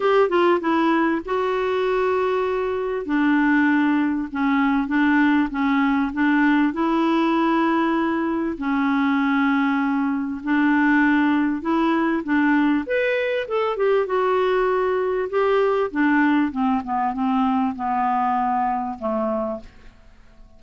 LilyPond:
\new Staff \with { instrumentName = "clarinet" } { \time 4/4 \tempo 4 = 98 g'8 f'8 e'4 fis'2~ | fis'4 d'2 cis'4 | d'4 cis'4 d'4 e'4~ | e'2 cis'2~ |
cis'4 d'2 e'4 | d'4 b'4 a'8 g'8 fis'4~ | fis'4 g'4 d'4 c'8 b8 | c'4 b2 a4 | }